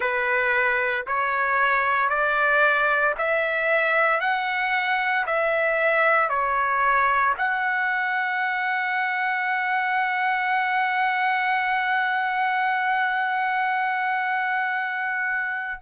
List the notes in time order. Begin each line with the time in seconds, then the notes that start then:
0.00 B4
1.07 C#5
2.09 D5
3.18 E5
4.20 F#5
5.26 E5
6.29 C#5
7.37 F#5